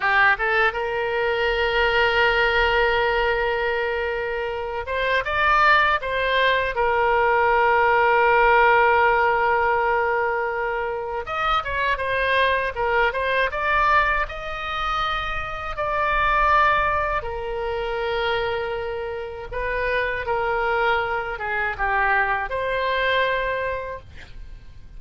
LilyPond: \new Staff \with { instrumentName = "oboe" } { \time 4/4 \tempo 4 = 80 g'8 a'8 ais'2.~ | ais'2~ ais'8 c''8 d''4 | c''4 ais'2.~ | ais'2. dis''8 cis''8 |
c''4 ais'8 c''8 d''4 dis''4~ | dis''4 d''2 ais'4~ | ais'2 b'4 ais'4~ | ais'8 gis'8 g'4 c''2 | }